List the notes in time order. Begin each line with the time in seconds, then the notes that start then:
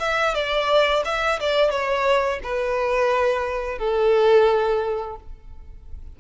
0.00 E5
0.35 D5
1.05 E5
1.40 D5
1.71 C#5
2.44 B4
3.78 A4